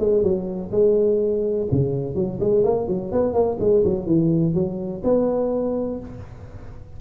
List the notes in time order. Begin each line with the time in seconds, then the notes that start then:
0.00 G#3
0.23 F#3
0.72 G#3
1.72 C#3
2.15 F#3
2.41 G#3
2.64 A#3
2.88 F#3
3.12 B3
3.34 A#3
3.60 G#3
3.85 F#3
4.06 E3
4.55 F#3
5.04 B3